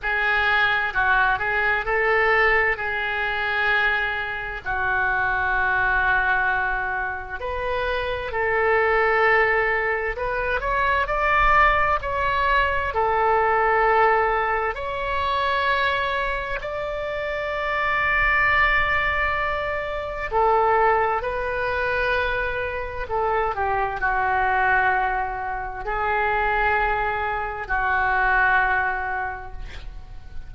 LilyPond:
\new Staff \with { instrumentName = "oboe" } { \time 4/4 \tempo 4 = 65 gis'4 fis'8 gis'8 a'4 gis'4~ | gis'4 fis'2. | b'4 a'2 b'8 cis''8 | d''4 cis''4 a'2 |
cis''2 d''2~ | d''2 a'4 b'4~ | b'4 a'8 g'8 fis'2 | gis'2 fis'2 | }